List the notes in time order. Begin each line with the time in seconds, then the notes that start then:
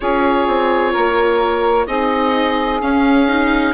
0.00 C#4 F4 G#4 C#5
0.47 C4
0.92 A#3 A#4
1.86 C4 D#4 G#4 D#5
2.81 C#4 F5
3.28 D#4